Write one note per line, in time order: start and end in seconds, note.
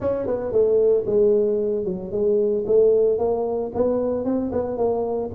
0.00 0.26 C#4
0.26 0.51 B3
0.51 1.05 A3
1.06 1.84 G#3
1.84 2.11 F#3
2.11 2.65 G#3
2.66 3.18 A3
3.18 3.71 A#3
3.74 4.24 B3
4.24 4.51 C4
4.51 4.77 B3
4.77 5.30 A#3